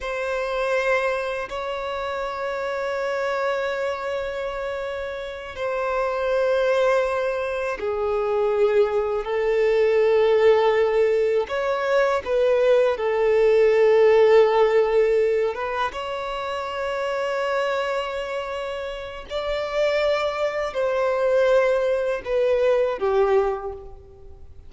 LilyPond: \new Staff \with { instrumentName = "violin" } { \time 4/4 \tempo 4 = 81 c''2 cis''2~ | cis''2.~ cis''8 c''8~ | c''2~ c''8 gis'4.~ | gis'8 a'2. cis''8~ |
cis''8 b'4 a'2~ a'8~ | a'4 b'8 cis''2~ cis''8~ | cis''2 d''2 | c''2 b'4 g'4 | }